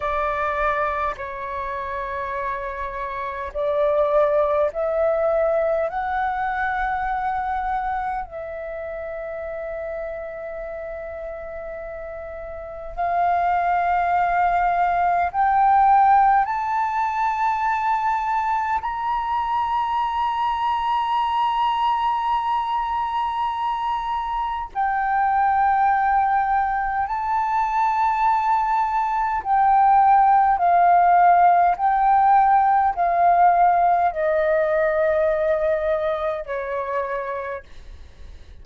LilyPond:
\new Staff \with { instrumentName = "flute" } { \time 4/4 \tempo 4 = 51 d''4 cis''2 d''4 | e''4 fis''2 e''4~ | e''2. f''4~ | f''4 g''4 a''2 |
ais''1~ | ais''4 g''2 a''4~ | a''4 g''4 f''4 g''4 | f''4 dis''2 cis''4 | }